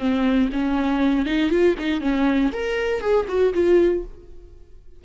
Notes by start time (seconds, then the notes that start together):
0.00 C4
0.53 C#4
1.26 D#4
1.50 F4
1.79 D#4
2.01 C#4
2.53 A#4
3.01 G#4
3.29 F#4
3.54 F4